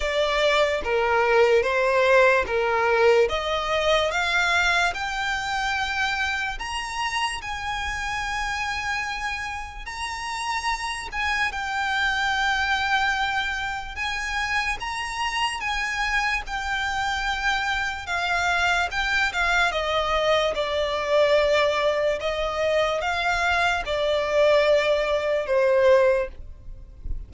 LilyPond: \new Staff \with { instrumentName = "violin" } { \time 4/4 \tempo 4 = 73 d''4 ais'4 c''4 ais'4 | dis''4 f''4 g''2 | ais''4 gis''2. | ais''4. gis''8 g''2~ |
g''4 gis''4 ais''4 gis''4 | g''2 f''4 g''8 f''8 | dis''4 d''2 dis''4 | f''4 d''2 c''4 | }